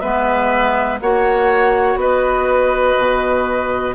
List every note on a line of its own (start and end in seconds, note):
0.00 1.01 G#3
0.00 0.99 B3
0.00 0.99 B4
0.00 0.98 E5
1.01 1.96 A#3
1.01 3.95 F#4
1.01 2.00 C#5
1.01 1.99 F#5
1.96 2.94 B3
1.96 3.95 B4
1.96 3.95 D#5
2.97 3.95 B2